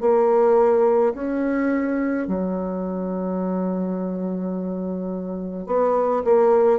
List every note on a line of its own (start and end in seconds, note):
0.00 1.13 A#3
1.14 2.27 C#4
2.27 5.66 F#3
5.66 6.23 B3
6.24 6.79 A#3